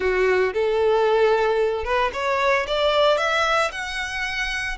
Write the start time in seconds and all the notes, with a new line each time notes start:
0.00 F#4
0.53 A4
1.84 B4
2.13 C#5
2.67 D5
3.17 E5
3.71 F#5